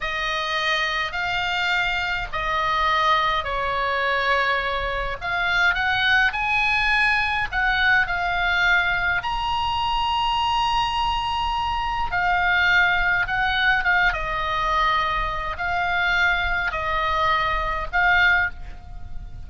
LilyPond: \new Staff \with { instrumentName = "oboe" } { \time 4/4 \tempo 4 = 104 dis''2 f''2 | dis''2 cis''2~ | cis''4 f''4 fis''4 gis''4~ | gis''4 fis''4 f''2 |
ais''1~ | ais''4 f''2 fis''4 | f''8 dis''2~ dis''8 f''4~ | f''4 dis''2 f''4 | }